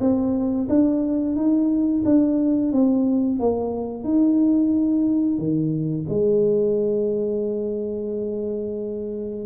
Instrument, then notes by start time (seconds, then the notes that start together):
tuba
0.00 C4
0.69 D4
1.35 D#4
2.04 D4
2.72 C4
3.39 A#3
4.03 D#4
5.38 D#3
6.09 G#3